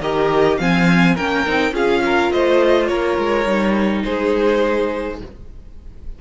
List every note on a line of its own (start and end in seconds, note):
0.00 0.58 D#3
0.00 0.59 G4
0.00 0.57 A#4
0.00 0.59 D#5
0.57 1.17 F3
0.57 1.16 C4
0.57 1.15 F5
0.57 1.16 G#5
1.15 1.47 A#3
1.15 1.46 C#4
1.15 1.72 A#4
1.15 1.74 G5
1.46 1.71 C4
1.46 1.72 D#4
1.71 2.29 C#4
1.71 3.45 F4
1.71 2.03 G#4
1.71 2.32 F5
2.05 2.32 A#4
2.32 2.89 A3
2.32 2.89 C5
2.32 2.87 D#5
2.87 3.17 A#3
2.87 4.03 A#4
2.87 4.02 C#5
3.18 3.45 G#3
3.45 4.03 G3
3.45 5.19 D#4
4.03 5.21 G#3
4.03 5.19 G#4
4.03 5.19 C5